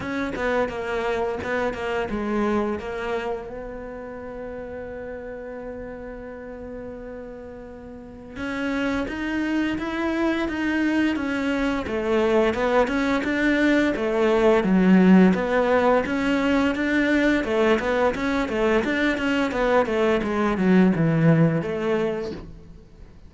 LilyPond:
\new Staff \with { instrumentName = "cello" } { \time 4/4 \tempo 4 = 86 cis'8 b8 ais4 b8 ais8 gis4 | ais4 b2.~ | b1 | cis'4 dis'4 e'4 dis'4 |
cis'4 a4 b8 cis'8 d'4 | a4 fis4 b4 cis'4 | d'4 a8 b8 cis'8 a8 d'8 cis'8 | b8 a8 gis8 fis8 e4 a4 | }